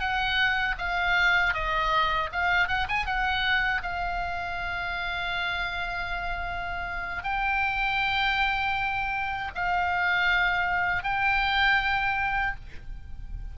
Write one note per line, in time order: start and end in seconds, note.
0.00 0.76 F#5
0.79 1.54 F5
1.54 2.30 D#5
2.33 2.69 F5
2.69 2.88 F#5
2.89 3.07 G#5
3.07 3.83 F#5
3.83 7.24 F5
7.24 9.52 G5
9.56 11.04 F5
11.04 12.56 G5